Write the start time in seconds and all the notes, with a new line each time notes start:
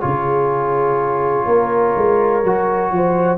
0.00 C#3 F4 G#4 C#5
1.45 A#3 A#4
1.96 G#3
2.43 F#3 F#4
2.91 F3 C5